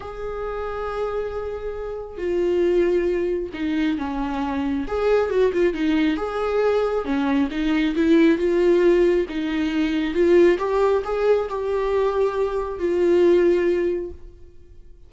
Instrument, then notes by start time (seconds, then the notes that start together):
viola
0.00 G#4
2.17 F4
3.53 D#4
3.97 C#4
4.87 G#4
5.30 F#4
5.52 F4
5.73 D#4
6.16 G#4
7.04 C#4
7.50 D#4
7.95 E4
8.38 F4
9.28 D#4
10.14 F4
10.58 G4
11.04 G#4
11.49 G4
12.78 F4